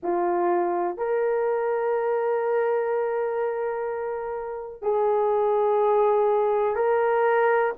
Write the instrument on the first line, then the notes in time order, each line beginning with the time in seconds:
horn
0.03 F4
0.97 A#4
4.82 G#4
6.75 A#4